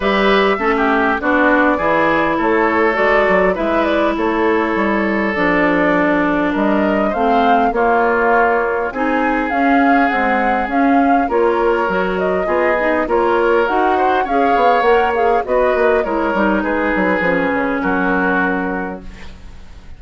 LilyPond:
<<
  \new Staff \with { instrumentName = "flute" } { \time 4/4 \tempo 4 = 101 e''2 d''2 | cis''4 d''4 e''8 d''8 cis''4~ | cis''4 d''2 dis''4 | f''4 cis''2 gis''4 |
f''4 fis''4 f''4 cis''4~ | cis''8 dis''4. cis''4 fis''4 | f''4 fis''8 f''8 dis''4 cis''4 | b'2 ais'2 | }
  \new Staff \with { instrumentName = "oboe" } { \time 4/4 b'4 a'16 g'8. fis'4 gis'4 | a'2 b'4 a'4~ | a'2. ais'4 | c''4 f'2 gis'4~ |
gis'2. ais'4~ | ais'4 gis'4 ais'4. c''8 | cis''2 b'4 ais'4 | gis'2 fis'2 | }
  \new Staff \with { instrumentName = "clarinet" } { \time 4/4 g'4 cis'4 d'4 e'4~ | e'4 fis'4 e'2~ | e'4 d'2. | c'4 ais2 dis'4 |
cis'4 gis4 cis'4 f'4 | fis'4 f'8 dis'8 f'4 fis'4 | gis'4 ais'8 gis'8 fis'4 e'8 dis'8~ | dis'4 cis'2. | }
  \new Staff \with { instrumentName = "bassoon" } { \time 4/4 g4 a4 b4 e4 | a4 gis8 fis8 gis4 a4 | g4 f2 g4 | a4 ais2 c'4 |
cis'4 c'4 cis'4 ais4 | fis4 b4 ais4 dis'4 | cis'8 b8 ais4 b8 ais8 gis8 g8 | gis8 fis8 f8 cis8 fis2 | }
>>